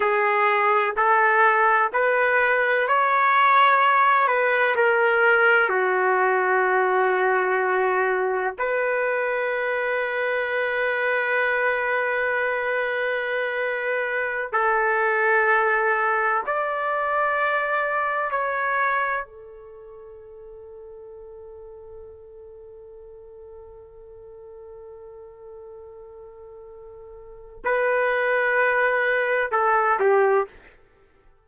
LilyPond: \new Staff \with { instrumentName = "trumpet" } { \time 4/4 \tempo 4 = 63 gis'4 a'4 b'4 cis''4~ | cis''8 b'8 ais'4 fis'2~ | fis'4 b'2.~ | b'2.~ b'16 a'8.~ |
a'4~ a'16 d''2 cis''8.~ | cis''16 a'2.~ a'8.~ | a'1~ | a'4 b'2 a'8 g'8 | }